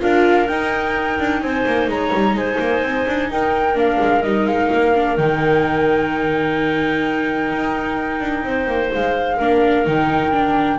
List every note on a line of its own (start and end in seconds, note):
0.00 0.49 D4
0.00 0.47 F4
0.00 1.42 A#4
0.00 0.48 F5
0.48 1.19 D#4
0.48 3.75 D#4
0.48 1.41 G5
1.20 1.42 D4
1.41 1.66 C4
1.41 1.92 C5
1.41 1.88 G#5
1.67 1.88 A#3
1.88 2.12 G#3
1.88 2.38 C#5
1.88 2.38 A#5
2.14 2.35 G3
2.35 2.58 G#3
2.35 3.31 C5
2.35 3.31 G#5
2.59 2.83 A#3
2.83 3.06 C4
3.07 3.30 D4
3.30 3.75 D#4
3.30 8.47 A#4
3.30 3.78 G5
3.75 3.98 A#3
3.75 4.22 D4
3.75 4.23 F5
4.01 4.24 G#3
4.23 4.45 G3
4.23 4.95 D#4
4.23 4.46 D#5
4.45 4.69 G#3
4.45 5.17 F5
4.74 5.18 A#3
4.96 5.18 D4
5.17 7.52 D#3
5.17 9.40 D#4
5.17 8.92 G5
7.52 8.21 D#4
8.21 8.44 D4
8.44 8.67 C4
8.44 9.37 C5
8.67 8.90 A#3
8.94 9.40 G#3
8.94 9.88 F5
9.37 9.87 A#3
9.37 9.86 D4
9.37 10.78 A#4
9.86 10.80 D#3
9.86 10.32 D#4
9.86 10.80 G5
10.32 10.79 D4